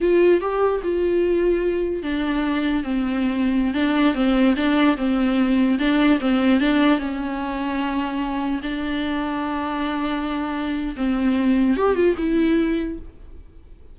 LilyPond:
\new Staff \with { instrumentName = "viola" } { \time 4/4 \tempo 4 = 148 f'4 g'4 f'2~ | f'4 d'2 c'4~ | c'4~ c'16 d'4 c'4 d'8.~ | d'16 c'2 d'4 c'8.~ |
c'16 d'4 cis'2~ cis'8.~ | cis'4~ cis'16 d'2~ d'8.~ | d'2. c'4~ | c'4 g'8 f'8 e'2 | }